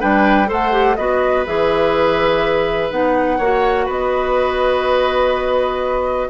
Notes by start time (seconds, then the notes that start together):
0.00 G3 D4 B4 G5
0.47 A3 A4 C5 F#5
0.72 G4
0.96 B3 F#4 B4 D#5
1.46 E3 G#4 E5
2.91 B3 D#4 F#5
3.38 A#3 F#4 C#5
3.86 B3 B4 D#5